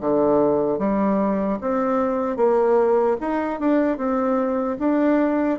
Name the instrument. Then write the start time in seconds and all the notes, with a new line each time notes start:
bassoon
0.00 D3
0.79 G3
1.61 C4
2.36 A#3
3.20 D#4
3.60 D4
3.97 C4
4.79 D4